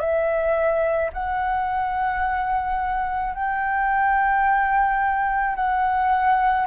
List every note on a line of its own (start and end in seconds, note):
0.00 1.11 E5
1.14 3.35 F#5
3.35 5.56 G5
5.56 6.67 F#5